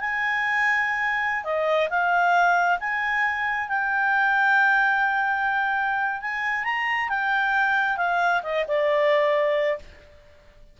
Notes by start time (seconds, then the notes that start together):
0.00 G#5
1.44 D#5
1.90 F5
2.80 G#5
3.68 G5
6.21 G#5
6.64 A#5
7.09 G5
7.97 F5
8.43 D#5
8.68 D5